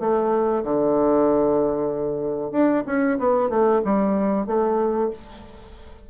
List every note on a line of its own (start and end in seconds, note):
0.00 0.64 A3
0.64 2.52 D3
2.52 2.84 D4
2.87 3.19 C#4
3.19 3.50 B3
3.50 3.82 A3
3.85 4.47 G3
4.47 5.11 A3